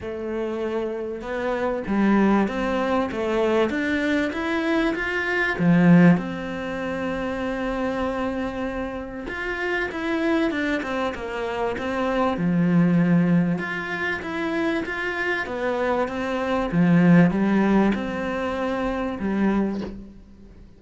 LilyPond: \new Staff \with { instrumentName = "cello" } { \time 4/4 \tempo 4 = 97 a2 b4 g4 | c'4 a4 d'4 e'4 | f'4 f4 c'2~ | c'2. f'4 |
e'4 d'8 c'8 ais4 c'4 | f2 f'4 e'4 | f'4 b4 c'4 f4 | g4 c'2 g4 | }